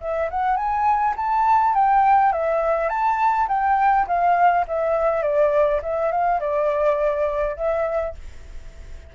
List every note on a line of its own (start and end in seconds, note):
0.00 0.29 E5
0.30 0.56 F#5
0.56 1.14 G#5
1.16 1.74 A5
1.74 2.32 G5
2.32 2.89 E5
2.89 3.47 A5
3.48 4.06 G5
4.07 4.65 F5
4.67 5.22 E5
5.22 5.80 D5
5.82 6.11 E5
6.11 6.40 F5
6.40 7.56 D5
7.56 8.14 E5